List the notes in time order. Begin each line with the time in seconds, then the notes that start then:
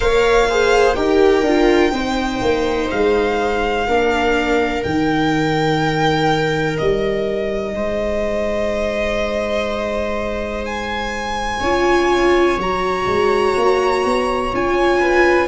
0.00 A#3 A#4 C#5 F5
0.48 G#4 C5
0.95 D#4 G4 A#4 G5
1.43 D4 F4
1.92 C4 D#4 C5
2.41 A#3
2.90 G#3 F5
3.87 A#3 D4 A#4
4.83 D#3 D#4 G5
6.78 G3 D#5
7.74 G#3 C5
10.65 G#5
11.59 C#4 F4 C#5
12.57 F#3 F#4 A#5
13.06 G#3
13.56 A#3
14.04 B3
14.52 C#4 F4 G#5
15.00 B4